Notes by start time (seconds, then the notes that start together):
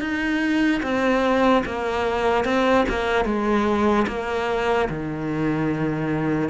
0.00 D#4
0.82 C4
1.65 A#3
2.44 C4
2.89 A#3
3.25 G#3
4.07 A#3
4.89 D#3